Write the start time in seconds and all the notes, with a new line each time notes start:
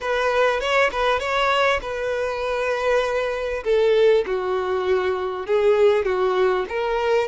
0.00 B4
0.60 C#5
0.91 B4
1.19 C#5
1.81 B4
3.64 A4
4.26 F#4
5.46 G#4
6.05 F#4
6.68 A#4